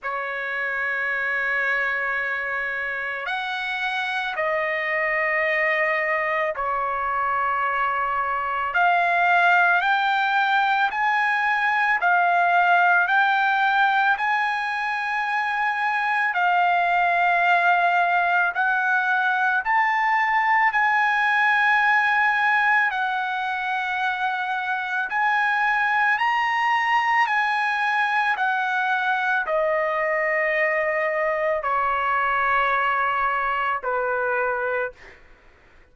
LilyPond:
\new Staff \with { instrumentName = "trumpet" } { \time 4/4 \tempo 4 = 55 cis''2. fis''4 | dis''2 cis''2 | f''4 g''4 gis''4 f''4 | g''4 gis''2 f''4~ |
f''4 fis''4 a''4 gis''4~ | gis''4 fis''2 gis''4 | ais''4 gis''4 fis''4 dis''4~ | dis''4 cis''2 b'4 | }